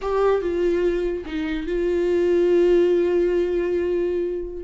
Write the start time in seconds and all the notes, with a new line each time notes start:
0.01 G4
0.41 F4
1.25 D#4
1.66 F4